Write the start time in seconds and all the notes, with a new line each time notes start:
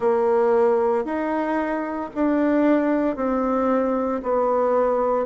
0.00 A#3
1.04 D#4
2.14 D4
3.16 C4
4.22 B3